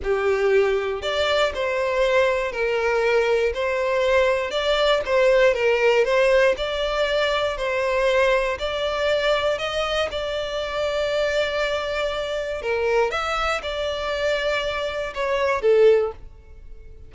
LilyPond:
\new Staff \with { instrumentName = "violin" } { \time 4/4 \tempo 4 = 119 g'2 d''4 c''4~ | c''4 ais'2 c''4~ | c''4 d''4 c''4 ais'4 | c''4 d''2 c''4~ |
c''4 d''2 dis''4 | d''1~ | d''4 ais'4 e''4 d''4~ | d''2 cis''4 a'4 | }